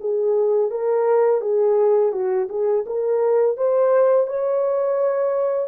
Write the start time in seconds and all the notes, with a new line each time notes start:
0.00 G#4
0.70 A#4
1.41 G#4
2.12 F#4
2.49 G#4
2.86 A#4
3.57 C5
4.27 C#5